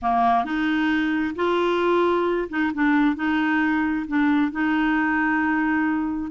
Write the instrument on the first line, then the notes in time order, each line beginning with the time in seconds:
clarinet
0.01 A#3
0.44 D#4
1.35 F4
2.49 D#4
2.74 D4
3.15 D#4
4.07 D4
4.51 D#4